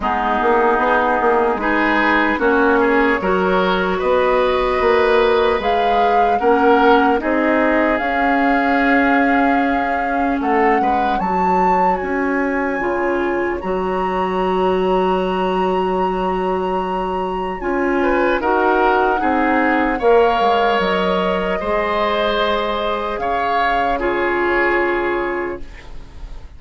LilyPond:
<<
  \new Staff \with { instrumentName = "flute" } { \time 4/4 \tempo 4 = 75 gis'2 b'4 cis''4~ | cis''4 dis''2 f''4 | fis''4 dis''4 f''2~ | f''4 fis''4 a''4 gis''4~ |
gis''4 ais''2.~ | ais''2 gis''4 fis''4~ | fis''4 f''4 dis''2~ | dis''4 f''4 cis''2 | }
  \new Staff \with { instrumentName = "oboe" } { \time 4/4 dis'2 gis'4 fis'8 gis'8 | ais'4 b'2. | ais'4 gis'2.~ | gis'4 a'8 b'8 cis''2~ |
cis''1~ | cis''2~ cis''8 b'8 ais'4 | gis'4 cis''2 c''4~ | c''4 cis''4 gis'2 | }
  \new Staff \with { instrumentName = "clarinet" } { \time 4/4 b2 dis'4 cis'4 | fis'2. gis'4 | cis'4 dis'4 cis'2~ | cis'2 fis'2 |
f'4 fis'2.~ | fis'2 f'4 fis'4 | dis'4 ais'2 gis'4~ | gis'2 f'2 | }
  \new Staff \with { instrumentName = "bassoon" } { \time 4/4 gis8 ais8 b8 ais8 gis4 ais4 | fis4 b4 ais4 gis4 | ais4 c'4 cis'2~ | cis'4 a8 gis8 fis4 cis'4 |
cis4 fis2.~ | fis2 cis'4 dis'4 | c'4 ais8 gis8 fis4 gis4~ | gis4 cis2. | }
>>